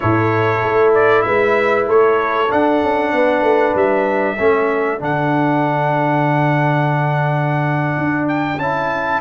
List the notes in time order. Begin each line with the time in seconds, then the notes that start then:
0.00 A2 E4 A4 C#5
0.62 A3
0.94 D5
1.21 G#3 B4 E5
1.87 A3 A4 C#5
2.49 D4 F#5
2.82 C#4
3.12 B3 B4
3.42 A3
3.74 G3 E5
4.37 A3 C#4 A4
4.98 D3 D4 F#5
7.97 D4
8.28 G5
8.57 C#4 E4 A5